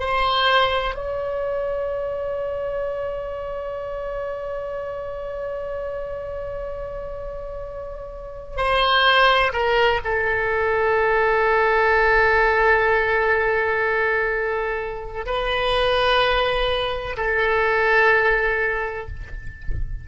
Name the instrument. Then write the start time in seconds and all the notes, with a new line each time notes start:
oboe
0.00 C5
0.95 C#5
8.57 C5
9.53 A#4
10.05 A4
15.26 B4
17.17 A4